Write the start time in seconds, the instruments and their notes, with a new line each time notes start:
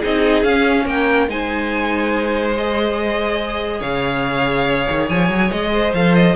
0.00 cello C4, viola D#4, violin G#4 D#5
0.43 cello C#4, viola C#4, violin F5
0.85 cello A#3, violin A#4 G5
1.28 cello G#3, viola D#4, violin C5 G#5
2.57 viola G#4, violin D#5
3.80 cello C#3, violin C#5 F5
4.91 cello D#3
5.09 cello F3, violin G#5
5.29 cello F#3
5.51 cello G#3, violin D#5
5.73 violin C5
5.94 cello F3, viola A4, violin F5
6.15 violin D#5